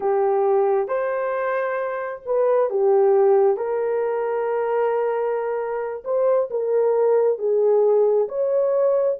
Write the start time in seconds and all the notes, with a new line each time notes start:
0.00 G4
0.87 C5
2.25 B4
2.70 G4
3.57 A#4
6.04 C5
6.50 A#4
7.38 G#4
8.28 C#5